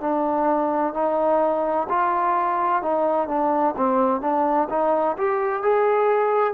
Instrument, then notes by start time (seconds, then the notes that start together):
trombone
0.00 D4
0.94 D#4
1.89 F4
2.82 D#4
3.28 D4
3.76 C4
4.21 D4
4.69 D#4
5.17 G4
5.62 G#4